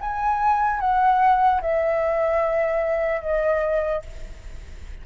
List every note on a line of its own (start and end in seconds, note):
0.00 0.80 G#5
0.80 1.61 F#5
1.61 3.21 E5
3.21 4.02 D#5